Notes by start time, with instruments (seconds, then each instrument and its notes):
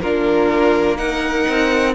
0.00 cello A#3, viola D4, violin F4 A#4
0.97 viola D#4, violin A#4 F#5
1.48 cello C4